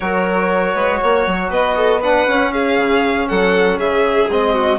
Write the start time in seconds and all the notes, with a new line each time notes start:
0.00 F#3 F#4 A#4 C#5
0.74 G#3 B4
1.01 A#3 C#5
1.26 F#3
1.49 B3 B4 D#5
1.76 A4
2.00 D4 B4 F#5
2.27 C#4
2.52 G#4 F5
2.77 C#3
3.28 F#3 A4 F#5
3.78 C#3 G#4 E5
4.29 G#3 C4 D#5
4.54 F#4